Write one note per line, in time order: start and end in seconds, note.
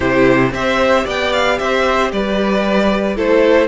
0.00 0.52 C3
0.00 0.53 E4
0.00 0.49 G4
0.00 0.53 C5
0.52 1.04 C4
0.52 3.16 G4
0.52 1.05 C5
0.52 1.06 E5
1.05 1.59 B3
1.05 1.57 D5
1.05 1.33 G5
1.33 1.58 F5
1.58 2.12 C4
1.58 2.12 C5
1.58 2.11 E5
2.12 3.17 G3
2.12 3.16 B4
2.12 3.17 D5
3.16 3.67 A3
3.16 3.67 E4
3.16 3.67 A4
3.16 3.67 C5